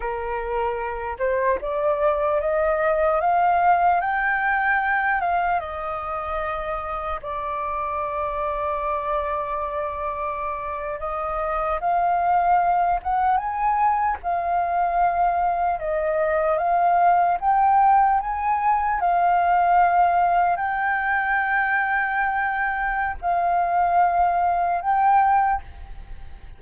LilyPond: \new Staff \with { instrumentName = "flute" } { \time 4/4 \tempo 4 = 75 ais'4. c''8 d''4 dis''4 | f''4 g''4. f''8 dis''4~ | dis''4 d''2.~ | d''4.~ d''16 dis''4 f''4~ f''16~ |
f''16 fis''8 gis''4 f''2 dis''16~ | dis''8. f''4 g''4 gis''4 f''16~ | f''4.~ f''16 g''2~ g''16~ | g''4 f''2 g''4 | }